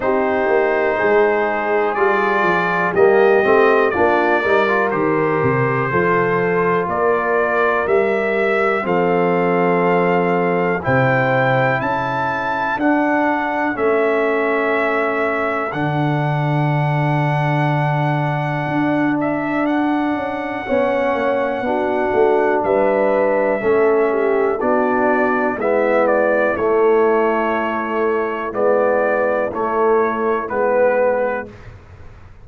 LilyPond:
<<
  \new Staff \with { instrumentName = "trumpet" } { \time 4/4 \tempo 4 = 61 c''2 d''4 dis''4 | d''4 c''2 d''4 | e''4 f''2 g''4 | a''4 fis''4 e''2 |
fis''2.~ fis''8 e''8 | fis''2. e''4~ | e''4 d''4 e''8 d''8 cis''4~ | cis''4 d''4 cis''4 b'4 | }
  \new Staff \with { instrumentName = "horn" } { \time 4/4 g'4 gis'2 g'4 | f'8 ais'4. a'4 ais'4~ | ais'4 a'2 c''4 | a'1~ |
a'1~ | a'4 cis''4 fis'4 b'4 | a'8 g'8 fis'4 e'2~ | e'1 | }
  \new Staff \with { instrumentName = "trombone" } { \time 4/4 dis'2 f'4 ais8 c'8 | d'8 dis'16 f'16 g'4 f'2 | g'4 c'2 e'4~ | e'4 d'4 cis'2 |
d'1~ | d'4 cis'4 d'2 | cis'4 d'4 b4 a4~ | a4 b4 a4 b4 | }
  \new Staff \with { instrumentName = "tuba" } { \time 4/4 c'8 ais8 gis4 g8 f8 g8 a8 | ais8 g8 dis8 c8 f4 ais4 | g4 f2 c4 | cis'4 d'4 a2 |
d2. d'4~ | d'8 cis'8 b8 ais8 b8 a8 g4 | a4 b4 gis4 a4~ | a4 gis4 a4 gis4 | }
>>